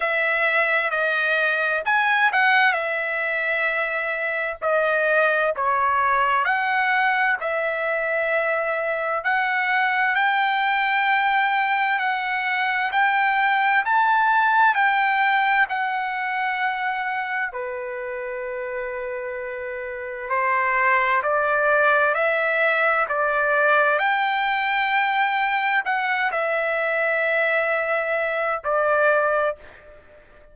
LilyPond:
\new Staff \with { instrumentName = "trumpet" } { \time 4/4 \tempo 4 = 65 e''4 dis''4 gis''8 fis''8 e''4~ | e''4 dis''4 cis''4 fis''4 | e''2 fis''4 g''4~ | g''4 fis''4 g''4 a''4 |
g''4 fis''2 b'4~ | b'2 c''4 d''4 | e''4 d''4 g''2 | fis''8 e''2~ e''8 d''4 | }